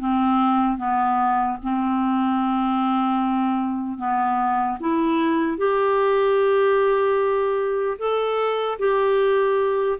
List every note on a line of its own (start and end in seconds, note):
0.00 0.77 C4
0.77 1.57 B3
1.63 3.98 C4
3.98 4.78 B3
4.80 5.58 E4
5.58 7.98 G4
7.99 8.79 A4
8.79 9.99 G4